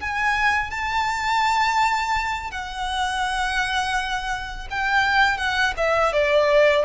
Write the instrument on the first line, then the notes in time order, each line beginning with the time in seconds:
violin
0.00 G#5
0.70 A5
2.51 F#5
4.70 G5
5.37 F#5
5.77 E5
6.12 D5